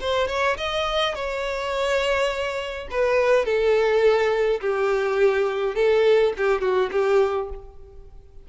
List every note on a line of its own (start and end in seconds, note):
0.00 0.28 C5
0.28 0.56 C#5
0.57 1.15 D#5
1.15 2.88 C#5
2.91 3.45 B4
3.45 4.60 A4
4.61 5.75 G4
5.75 6.33 A4
6.37 6.61 G4
6.61 6.90 F#4
6.92 7.49 G4